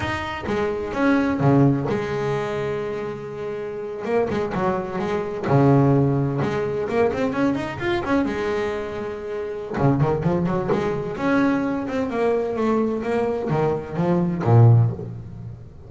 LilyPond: \new Staff \with { instrumentName = "double bass" } { \time 4/4 \tempo 4 = 129 dis'4 gis4 cis'4 cis4 | gis1~ | gis8. ais8 gis8 fis4 gis4 cis16~ | cis4.~ cis16 gis4 ais8 c'8 cis'16~ |
cis'16 dis'8 f'8 cis'8 gis2~ gis16~ | gis4 cis8 dis8 f8 fis8 gis4 | cis'4. c'8 ais4 a4 | ais4 dis4 f4 ais,4 | }